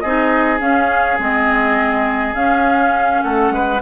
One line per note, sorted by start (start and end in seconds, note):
0.00 0.60 C4
0.00 0.59 D#4
0.00 3.23 G#4
0.00 0.58 D#5
0.59 1.17 C#4
0.59 1.18 C#4
0.59 1.19 F5
1.19 2.34 G#3
1.19 2.35 C4
1.19 2.35 D#5
2.34 3.21 C#4
2.34 3.80 C#4
2.34 3.22 F5
3.22 3.50 A3
3.22 3.53 A4
3.22 3.80 F#5
3.50 3.80 G#3
3.50 3.82 B4